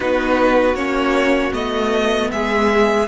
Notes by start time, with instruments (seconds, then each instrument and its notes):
0.00 cello B3, viola D#4, violin F#4 B4
0.74 cello A#3, viola C#4, violin C#5
1.52 cello A3, viola B3, violin D#5
2.31 cello G#3, violin G#4 E5